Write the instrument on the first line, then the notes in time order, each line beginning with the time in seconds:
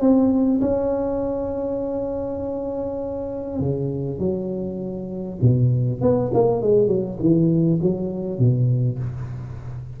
tuba
0.00 C4
0.61 C#4
3.59 C#3
4.18 F#3
5.41 B2
6.01 B3
6.33 A#3
6.61 G#3
6.87 F#3
7.19 E3
7.81 F#3
8.38 B2